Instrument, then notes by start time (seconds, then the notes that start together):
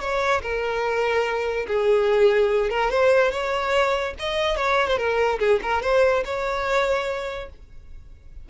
violin
0.00 C#5
0.42 A#4
1.67 G#4
2.70 A#4
2.90 C5
3.31 C#5
4.19 D#5
4.56 C#5
4.87 C5
4.97 A#4
5.39 G#4
5.62 A#4
5.82 C5
6.24 C#5